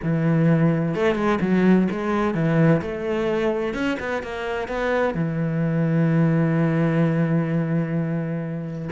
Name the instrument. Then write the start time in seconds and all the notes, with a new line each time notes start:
cello
0.02 E3
0.95 A3
1.15 G#3
1.41 F#3
1.91 G#3
2.34 E3
2.81 A3
3.74 C#4
3.99 B3
4.23 A#3
4.68 B3
5.14 E3